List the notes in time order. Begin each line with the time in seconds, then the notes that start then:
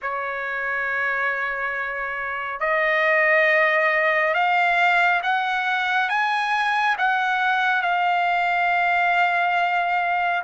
0.02 C#5
2.60 D#5
4.34 F5
5.22 F#5
6.09 G#5
6.98 F#5
7.81 F5